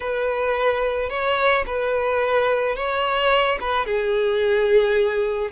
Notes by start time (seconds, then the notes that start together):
0.00 B4
1.09 C#5
1.66 B4
2.75 C#5
3.60 B4
3.86 G#4